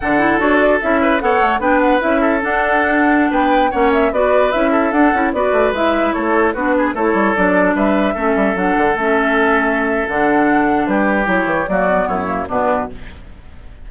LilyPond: <<
  \new Staff \with { instrumentName = "flute" } { \time 4/4 \tempo 4 = 149 fis''4 cis''8 d''8 e''4 fis''4 | g''8 fis''8 e''4 fis''2~ | fis''16 g''4 fis''8 e''8 d''4 e''8.~ | e''16 fis''4 d''4 e''4 cis''8.~ |
cis''16 b'4 cis''4 d''4 e''8.~ | e''4~ e''16 fis''4 e''4.~ e''16~ | e''4 fis''2 b'4 | cis''4 d''4 cis''4 b'4 | }
  \new Staff \with { instrumentName = "oboe" } { \time 4/4 a'2~ a'8 b'8 cis''4 | b'4. a'2~ a'8~ | a'16 b'4 cis''4 b'4. a'16~ | a'4~ a'16 b'2 a'8.~ |
a'16 fis'8 gis'8 a'2 b'8.~ | b'16 a'2.~ a'8.~ | a'2. g'4~ | g'4 fis'4 e'4 d'4 | }
  \new Staff \with { instrumentName = "clarinet" } { \time 4/4 d'8 e'8 fis'4 e'4 a'4 | d'4 e'4 d'2~ | d'4~ d'16 cis'4 fis'4 e'8.~ | e'16 d'8 e'8 fis'4 e'4.~ e'16~ |
e'16 d'4 e'4 d'4.~ d'16~ | d'16 cis'4 d'4 cis'4.~ cis'16~ | cis'4 d'2. | e'4 ais8 b4 ais8 b4 | }
  \new Staff \with { instrumentName = "bassoon" } { \time 4/4 d4 d'4 cis'4 b8 a8 | b4 cis'4 d'2~ | d'16 b4 ais4 b4 cis'8.~ | cis'16 d'8 cis'8 b8 a8 gis4 a8.~ |
a16 b4 a8 g8 fis4 g8.~ | g16 a8 g8 fis8 d8 a4.~ a16~ | a4 d2 g4 | fis8 e8 fis4 fis,4 b,4 | }
>>